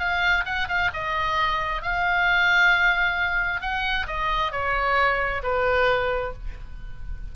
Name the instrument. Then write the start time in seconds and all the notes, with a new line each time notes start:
oboe
0.00 F5
0.46 F#5
0.68 F5
0.94 D#5
1.83 F5
3.62 F#5
4.07 D#5
4.52 C#5
5.43 B4